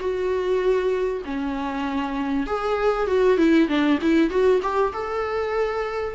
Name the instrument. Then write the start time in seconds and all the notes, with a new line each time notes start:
viola
0.00 F#4
1.26 C#4
2.47 G#4
3.08 F#4
3.38 E4
3.69 D4
4.02 E4
4.31 F#4
4.62 G4
4.93 A4